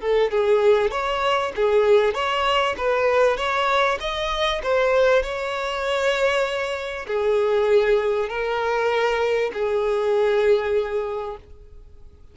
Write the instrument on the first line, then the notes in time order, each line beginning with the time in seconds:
violin
0.00 A4
0.31 G#4
0.91 C#5
1.56 G#4
2.14 C#5
2.77 B4
3.37 C#5
4.00 D#5
4.63 C5
5.22 C#5
7.07 G#4
8.28 A#4
9.53 G#4